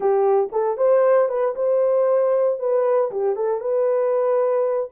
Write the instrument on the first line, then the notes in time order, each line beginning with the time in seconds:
horn
0.00 G4
0.51 A4
0.77 C5
1.29 B4
1.55 C5
2.59 B4
3.11 G4
3.36 A4
3.60 B4